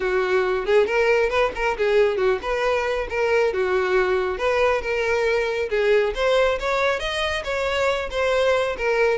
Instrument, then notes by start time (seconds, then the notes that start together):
violin
0.00 F#4
0.65 G#4
0.86 A#4
1.29 B4
1.55 A#4
1.77 G#4
2.17 F#4
2.41 B4
3.09 A#4
3.53 F#4
4.38 B4
4.81 A#4
5.69 G#4
6.14 C5
6.59 C#5
6.99 D#5
7.44 C#5
8.10 C5
8.77 A#4